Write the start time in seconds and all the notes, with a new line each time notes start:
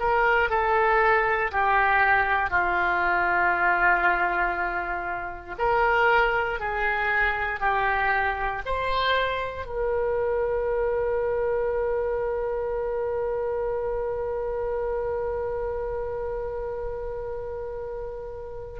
0.00 A#4
0.50 A4
1.52 G4
2.51 F4
5.59 A#4
6.60 G#4
7.60 G4
8.66 C5
9.67 A#4